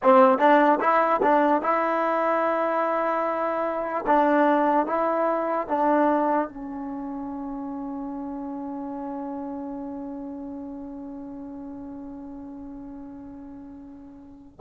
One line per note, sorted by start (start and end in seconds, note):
0.02 0.38 C4
0.38 0.79 D4
0.80 1.21 E4
1.22 1.61 D4
1.61 4.05 E4
4.06 4.86 D4
4.86 5.67 E4
5.67 6.48 D4
6.48 14.59 C#4